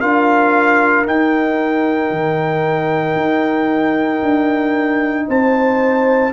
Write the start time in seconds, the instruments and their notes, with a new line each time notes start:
0.00 tuba D4, trombone F4, horn A#4, trumpet F5
1.05 trombone D#4, tuba D#4, trumpet G5
2.10 tuba D#3
3.15 tuba D#4
4.22 tuba D4
5.28 tuba C4, horn C5, trumpet A5